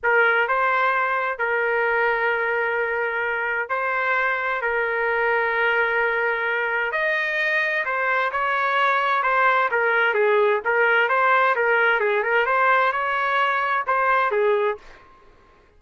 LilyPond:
\new Staff \with { instrumentName = "trumpet" } { \time 4/4 \tempo 4 = 130 ais'4 c''2 ais'4~ | ais'1 | c''2 ais'2~ | ais'2. dis''4~ |
dis''4 c''4 cis''2 | c''4 ais'4 gis'4 ais'4 | c''4 ais'4 gis'8 ais'8 c''4 | cis''2 c''4 gis'4 | }